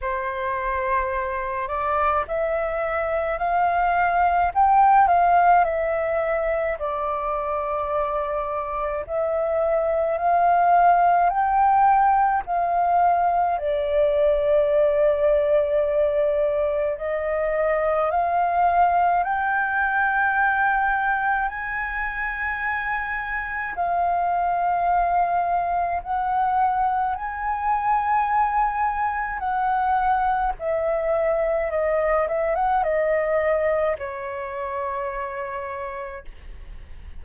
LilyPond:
\new Staff \with { instrumentName = "flute" } { \time 4/4 \tempo 4 = 53 c''4. d''8 e''4 f''4 | g''8 f''8 e''4 d''2 | e''4 f''4 g''4 f''4 | d''2. dis''4 |
f''4 g''2 gis''4~ | gis''4 f''2 fis''4 | gis''2 fis''4 e''4 | dis''8 e''16 fis''16 dis''4 cis''2 | }